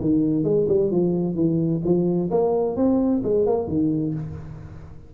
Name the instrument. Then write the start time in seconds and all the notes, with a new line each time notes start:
tuba
0.00 D#3
0.43 G#3
0.68 G3
0.91 F3
1.35 E3
1.84 F3
2.30 A#3
2.76 C4
3.23 G#3
3.46 A#3
3.68 D#3